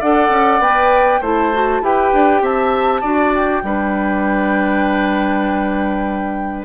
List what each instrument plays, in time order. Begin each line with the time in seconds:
0.00 bassoon D4, clarinet A4, oboe D5, flute F#5
0.30 bassoon C#4
0.60 bassoon B3, clarinet B4, flute G5
1.21 bassoon A3, clarinet E4, oboe C5, flute A5
1.54 clarinet F#4
1.81 bassoon E4, clarinet G4, oboe B4, flute G5
2.14 bassoon D4
2.42 bassoon C4, oboe E5, flute A5
3.02 bassoon D4, clarinet F#4, oboe D5
3.35 flute G5
3.64 bassoon G3, clarinet D4, oboe B4